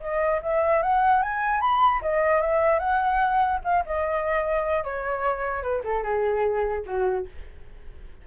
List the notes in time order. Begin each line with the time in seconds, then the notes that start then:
0.00 D#5
0.42 E5
0.82 F#5
1.22 G#5
1.60 B5
2.01 D#5
2.41 E5
2.79 F#5
3.64 F5
3.85 D#5
4.84 C#5
5.62 B4
5.84 A4
6.03 G#4
6.85 F#4